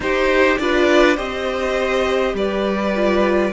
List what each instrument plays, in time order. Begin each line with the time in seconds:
0.00 cello D#4, viola D#4, violin G4 C5
0.57 cello D4, viola F4, violin B4 D5
1.15 cello C4, viola G4, violin C5 D#5
2.34 cello G3, violin B4 D5
2.95 viola F4